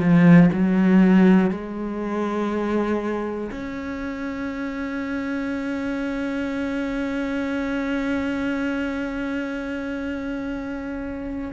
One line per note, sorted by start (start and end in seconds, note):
0.00 0.50 F3
0.53 1.51 F#3
1.51 3.51 G#3
3.52 11.52 C#4